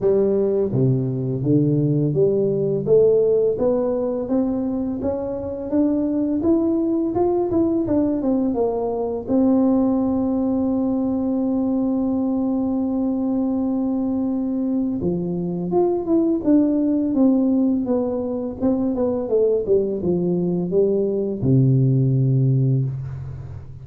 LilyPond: \new Staff \with { instrumentName = "tuba" } { \time 4/4 \tempo 4 = 84 g4 c4 d4 g4 | a4 b4 c'4 cis'4 | d'4 e'4 f'8 e'8 d'8 c'8 | ais4 c'2.~ |
c'1~ | c'4 f4 f'8 e'8 d'4 | c'4 b4 c'8 b8 a8 g8 | f4 g4 c2 | }